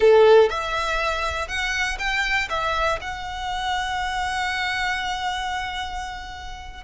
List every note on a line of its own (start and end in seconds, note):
0.00 0.49 A4
0.49 1.47 E5
1.47 1.97 F#5
1.98 2.48 G5
2.49 2.99 E5
3.01 6.83 F#5